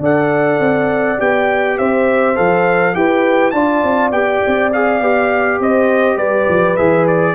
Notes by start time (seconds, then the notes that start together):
0.00 D4 A4 D5 F#5
0.60 C4
1.19 B3 G4 G5
1.78 C4 C5 E5
2.36 F3 A4 F5
2.94 E4 G4 B4 G5
3.51 D4 F4 D5 A5
3.83 C4
4.12 B3 G4 G5
4.47 C4
4.73 G#4 F5
5.01 B3 G4
5.60 C4 C5 D#5
6.17 G3 B4 D5
6.49 F3
6.77 E3 G#4 E5
7.08 D5